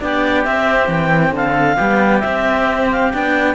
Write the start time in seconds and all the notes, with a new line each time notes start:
0.00 B3 D4 G4 D5
0.44 C4 E5
0.88 E3 G5
1.32 D3 A4 F5
1.76 G3 B3 G4
2.20 C4 E5
2.92 F5
3.13 B3 D4 G5